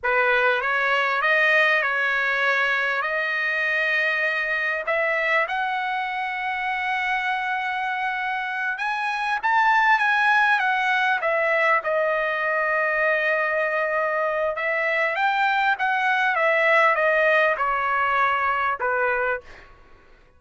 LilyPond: \new Staff \with { instrumentName = "trumpet" } { \time 4/4 \tempo 4 = 99 b'4 cis''4 dis''4 cis''4~ | cis''4 dis''2. | e''4 fis''2.~ | fis''2~ fis''8 gis''4 a''8~ |
a''8 gis''4 fis''4 e''4 dis''8~ | dis''1 | e''4 g''4 fis''4 e''4 | dis''4 cis''2 b'4 | }